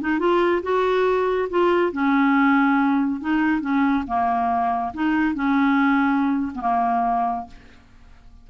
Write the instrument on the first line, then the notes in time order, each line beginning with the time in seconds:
clarinet
0.00 D#4
0.19 F4
0.62 F#4
1.49 F4
1.92 C#4
3.20 D#4
3.61 C#4
4.07 A#3
4.93 D#4
5.34 C#4
6.55 B3
6.61 A#3